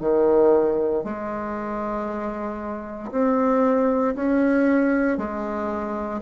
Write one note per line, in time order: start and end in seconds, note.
0.00 1.03 D#3
1.04 3.11 G#3
3.11 4.14 C4
4.15 5.17 C#4
5.17 6.21 G#3